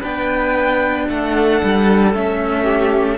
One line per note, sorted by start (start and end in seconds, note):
0.00 1.09 B3
0.00 2.13 D4
0.00 1.05 B4
0.00 1.08 G5
1.09 1.62 A3
1.09 2.63 A4
1.09 2.14 F#5
1.63 2.14 G3
2.14 3.17 A3
2.14 3.17 C#4
2.14 3.17 E5
2.63 3.16 G4